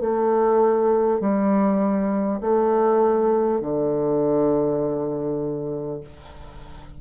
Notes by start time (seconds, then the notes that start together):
0.00 A3
1.20 G3
2.41 A3
3.61 D3